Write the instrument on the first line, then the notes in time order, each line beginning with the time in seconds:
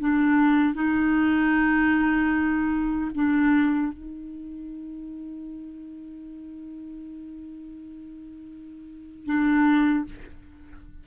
clarinet
0.00 D4
0.75 D#4
3.15 D4
3.93 D#4
9.26 D4